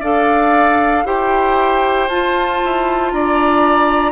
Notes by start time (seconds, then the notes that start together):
0.00 D4 A4 D5 F5
1.05 E4 G4 C5 G5
2.08 F4 A5
2.65 E4
3.11 D4 D5 A#5